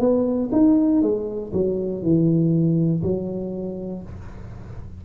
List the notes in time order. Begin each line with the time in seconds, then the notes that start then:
0.00 B3
0.53 D#4
1.02 G#3
1.53 F#3
2.03 E3
3.03 F#3